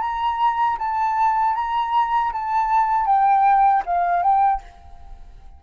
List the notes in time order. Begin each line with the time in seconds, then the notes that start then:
0.00 A#5
0.78 A5
1.55 A#5
2.32 A5
3.06 G5
3.85 F5
4.22 G5